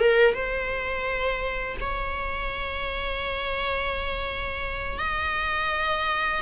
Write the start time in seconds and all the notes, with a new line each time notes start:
0.00 A#4
0.34 C5
1.81 C#5
4.99 D#5